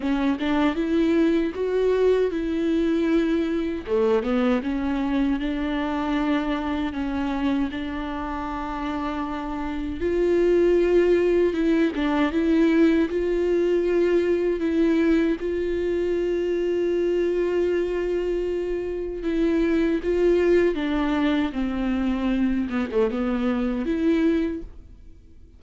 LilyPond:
\new Staff \with { instrumentName = "viola" } { \time 4/4 \tempo 4 = 78 cis'8 d'8 e'4 fis'4 e'4~ | e'4 a8 b8 cis'4 d'4~ | d'4 cis'4 d'2~ | d'4 f'2 e'8 d'8 |
e'4 f'2 e'4 | f'1~ | f'4 e'4 f'4 d'4 | c'4. b16 a16 b4 e'4 | }